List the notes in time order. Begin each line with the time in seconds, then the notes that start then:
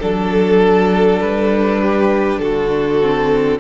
0.00 F#3 D4 A4
1.21 G3 B4
1.82 G4
2.40 D3 F#4 A4
3.02 C4